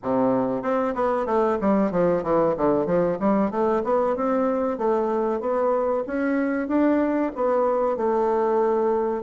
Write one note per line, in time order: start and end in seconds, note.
0.02 0.62 C3
0.62 0.94 C4
0.94 1.26 B3
1.26 1.58 A3
1.60 1.91 G3
1.91 2.23 F3
2.23 2.55 E3
2.56 2.86 D3
2.86 3.17 F3
3.19 3.50 G3
3.50 3.82 A3
3.84 4.15 B3
4.15 4.78 C4
4.78 5.40 A3
5.40 6.04 B3
6.06 6.68 C#4
6.68 7.31 D4
7.35 7.96 B3
7.96 9.23 A3